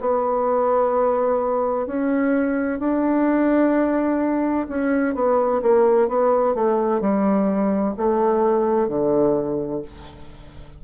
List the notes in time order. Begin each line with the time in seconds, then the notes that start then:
0.00 B3
1.86 C#4
2.79 D4
4.68 C#4
5.14 B3
5.62 A#3
6.08 B3
6.54 A3
7.01 G3
7.96 A3
8.88 D3